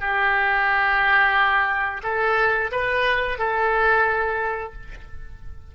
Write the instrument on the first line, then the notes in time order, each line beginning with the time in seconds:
oboe
0.00 G4
2.03 A4
2.72 B4
3.39 A4